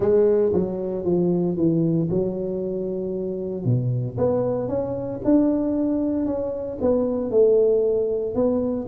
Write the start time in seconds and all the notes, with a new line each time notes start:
0.00 G#3
0.53 F#3
1.04 F3
1.57 E3
2.10 F#3
3.64 B2
4.17 B3
4.68 C#4
5.24 D4
6.26 C#4
6.81 B3
7.30 A3
8.34 B3